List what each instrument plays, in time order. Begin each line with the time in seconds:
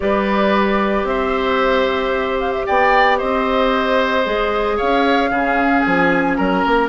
0.00 bassoon G3, clarinet G4, oboe B4, flute D5
1.03 bassoon C4, oboe C5, flute E5
2.40 flute F5
2.52 flute E5
2.66 bassoon B3, oboe D5, flute G5
3.18 bassoon C4, oboe C5, flute D#5
4.24 bassoon G#3, clarinet G#4
4.76 bassoon C#4, oboe C#5, flute F5
5.30 bassoon C#3, clarinet C#4, oboe G#4
5.82 bassoon F3, flute G#5
6.36 bassoon F#3, oboe A#4, flute A#5
6.65 bassoon A#3